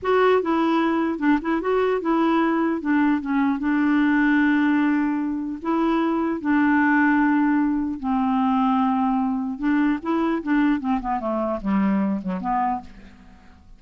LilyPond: \new Staff \with { instrumentName = "clarinet" } { \time 4/4 \tempo 4 = 150 fis'4 e'2 d'8 e'8 | fis'4 e'2 d'4 | cis'4 d'2.~ | d'2 e'2 |
d'1 | c'1 | d'4 e'4 d'4 c'8 b8 | a4 g4. fis8 b4 | }